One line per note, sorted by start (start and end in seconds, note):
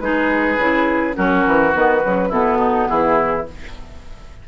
0.00 0.58 G#3
0.00 0.59 D#4
0.00 1.16 G#4
0.00 1.15 B4
0.58 1.16 C#3
0.58 1.14 E4
1.14 1.46 F#3
1.14 1.72 C#4
1.14 2.29 F#4
1.14 1.74 A#4
1.47 1.75 E3
1.74 2.04 D#3
1.74 2.03 B3
1.74 2.32 B4
2.05 2.30 C#3
2.05 2.32 F#3
2.29 2.88 B2
2.29 3.48 B3
2.29 2.58 E4
2.29 2.88 A4
2.59 2.88 D#4
2.88 3.48 E3
2.88 3.47 E4
2.88 3.46 G#4